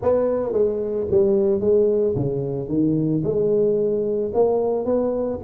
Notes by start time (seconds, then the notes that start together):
0.01 B3
0.52 G#3
1.11 G3
1.60 G#3
2.15 C#3
2.68 D#3
3.23 G#3
4.34 A#3
4.85 B3